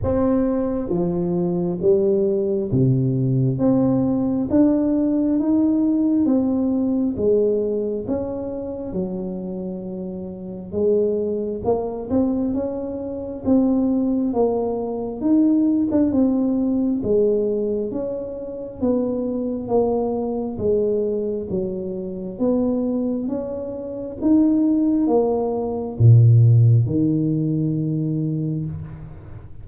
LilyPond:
\new Staff \with { instrumentName = "tuba" } { \time 4/4 \tempo 4 = 67 c'4 f4 g4 c4 | c'4 d'4 dis'4 c'4 | gis4 cis'4 fis2 | gis4 ais8 c'8 cis'4 c'4 |
ais4 dis'8. d'16 c'4 gis4 | cis'4 b4 ais4 gis4 | fis4 b4 cis'4 dis'4 | ais4 ais,4 dis2 | }